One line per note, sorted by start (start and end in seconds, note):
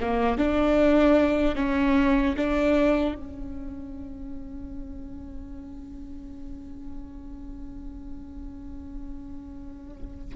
0.00 0.38 A#3
0.38 1.56 D4
1.56 2.35 C#4
2.37 3.15 D4
3.15 10.35 C#4